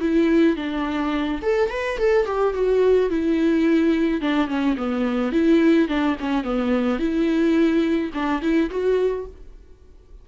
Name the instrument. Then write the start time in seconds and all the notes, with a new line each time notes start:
viola
0.00 E4
0.56 D4
1.42 A4
1.69 B4
1.98 A4
2.26 G4
2.54 F#4
3.10 E4
4.21 D4
4.48 C#4
4.77 B3
5.32 E4
5.88 D4
6.20 C#4
6.44 B3
6.99 E4
8.13 D4
8.41 E4
8.70 F#4